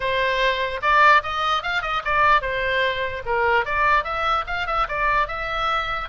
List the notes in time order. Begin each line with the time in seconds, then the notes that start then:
0.00 C5
0.81 D5
1.22 D#5
1.63 F5
1.82 D#5
2.05 D5
2.41 C5
3.25 A#4
3.65 D5
4.04 E5
4.46 F5
4.66 E5
4.88 D5
5.27 E5